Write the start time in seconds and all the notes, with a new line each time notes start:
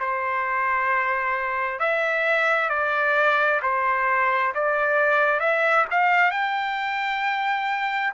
0.00 C5
1.80 E5
2.70 D5
3.62 C5
4.55 D5
5.40 E5
5.91 F5
6.31 G5